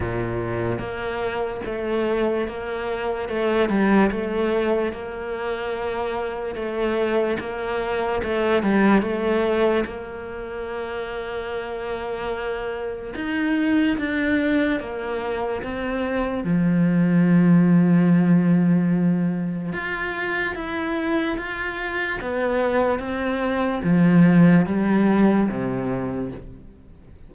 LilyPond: \new Staff \with { instrumentName = "cello" } { \time 4/4 \tempo 4 = 73 ais,4 ais4 a4 ais4 | a8 g8 a4 ais2 | a4 ais4 a8 g8 a4 | ais1 |
dis'4 d'4 ais4 c'4 | f1 | f'4 e'4 f'4 b4 | c'4 f4 g4 c4 | }